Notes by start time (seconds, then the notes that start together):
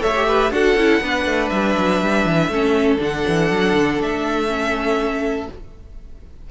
0.00 A3 A4 C#5 E5
0.16 G4
0.28 B4
0.51 D4 F#4 A4 F#5
0.76 C#4 E4
1.01 B3 D4 B4
1.25 A3
1.49 G3 E5
1.77 F#3
2.01 G3
2.25 E3
2.48 A3 C#4 A4
2.98 D3 D4 F#5
3.27 E3
3.51 F#3
3.74 D3
3.99 A3 E5
4.48 C#4